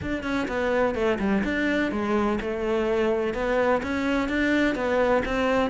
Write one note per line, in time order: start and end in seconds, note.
0.02 0.23 D4
0.23 0.47 C#4
0.47 0.94 B3
0.94 1.18 A3
1.19 1.43 G3
1.44 1.91 D4
1.91 2.39 G#3
2.40 3.33 A3
3.33 3.81 B3
3.82 4.29 C#4
4.29 4.75 D4
4.75 5.22 B3
5.25 5.70 C4